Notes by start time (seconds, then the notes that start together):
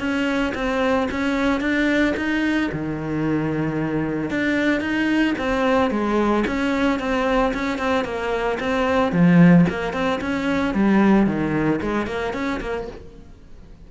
0.00 C#4
0.55 C4
1.11 C#4
1.61 D4
2.17 D#4
2.73 D#3
4.31 D4
4.81 D#4
5.38 C4
5.91 G#3
6.47 C#4
7.00 C4
7.54 C#4
7.79 C4
8.05 A#3
8.60 C4
9.12 F3
9.70 A#3
9.94 C4
10.22 C#4
10.75 G3
11.27 D#3
11.82 G#3
12.07 A#3
12.34 C#4
12.61 A#3